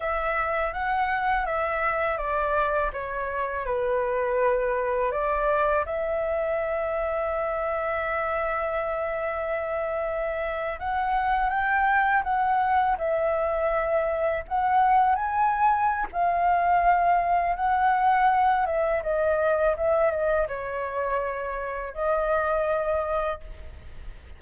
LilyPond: \new Staff \with { instrumentName = "flute" } { \time 4/4 \tempo 4 = 82 e''4 fis''4 e''4 d''4 | cis''4 b'2 d''4 | e''1~ | e''2~ e''8. fis''4 g''16~ |
g''8. fis''4 e''2 fis''16~ | fis''8. gis''4~ gis''16 f''2 | fis''4. e''8 dis''4 e''8 dis''8 | cis''2 dis''2 | }